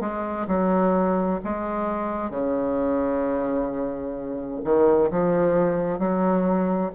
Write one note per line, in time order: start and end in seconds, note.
0.00 0.46 G#3
0.47 1.40 F#3
1.44 2.30 G#3
2.30 4.61 C#3
4.64 5.10 D#3
5.11 5.99 F3
5.99 6.91 F#3